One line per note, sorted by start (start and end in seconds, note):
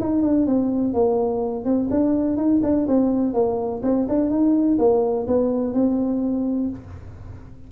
0.00 0.22 D#4
0.22 0.46 D4
0.46 0.94 C4
0.94 1.65 A#3
1.65 1.89 C4
1.90 2.37 D4
2.37 2.61 D#4
2.63 2.87 D4
2.88 3.34 C4
3.34 3.82 A#3
3.83 4.07 C4
4.08 4.30 D4
4.30 4.78 D#4
4.78 5.26 A#3
5.28 5.74 B3
5.74 6.70 C4